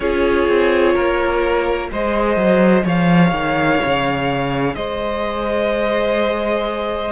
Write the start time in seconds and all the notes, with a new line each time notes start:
0.00 C#4 F4 G#4 C#5
0.47 C4
0.93 A#3 A#4
1.91 G#3 G#4 C5 D#5
2.36 F#3
2.84 F3 C#5 F5
3.31 D#3
3.84 C#3
4.75 G#3 C5 D#5